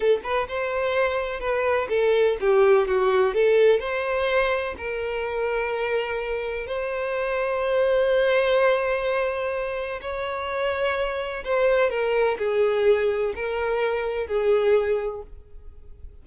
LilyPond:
\new Staff \with { instrumentName = "violin" } { \time 4/4 \tempo 4 = 126 a'8 b'8 c''2 b'4 | a'4 g'4 fis'4 a'4 | c''2 ais'2~ | ais'2 c''2~ |
c''1~ | c''4 cis''2. | c''4 ais'4 gis'2 | ais'2 gis'2 | }